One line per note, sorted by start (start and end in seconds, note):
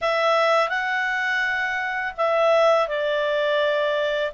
0.01 0.69 E5
0.69 2.13 F#5
2.17 2.88 E5
2.88 4.32 D5